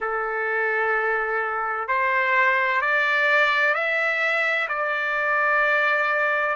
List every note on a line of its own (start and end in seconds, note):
0.00 1.87 A4
1.87 2.81 C5
2.81 3.74 D5
3.74 4.67 E5
4.68 6.55 D5